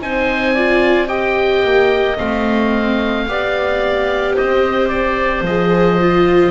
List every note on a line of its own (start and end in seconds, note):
0.00 1.64 C4
0.00 0.56 D#4
0.00 0.54 C5
0.00 1.08 G#5
0.54 1.07 F4
0.54 1.07 D5
1.07 2.16 G4
1.07 3.25 D#5
1.07 2.17 G5
1.64 2.18 A#3
2.17 3.28 A3
2.17 3.26 C4
2.17 4.36 F5
3.27 4.37 B3
3.27 5.46 G4
3.27 4.34 D5
4.34 5.41 C4
4.34 6.51 C5
4.34 4.88 D#5
4.88 5.43 D5
5.41 6.50 F3
5.41 6.00 G#4
5.41 6.51 D#5
6.00 6.51 F4